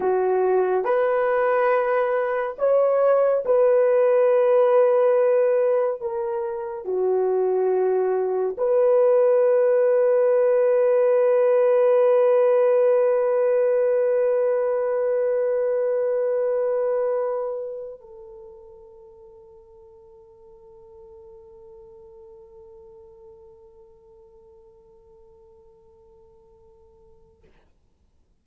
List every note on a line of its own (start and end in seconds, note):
0.00 0.84 F#4
0.84 2.56 B4
2.58 3.44 C#5
3.45 6.00 B4
6.00 6.84 A#4
6.84 8.56 F#4
8.57 18.00 B4
18.00 27.43 A4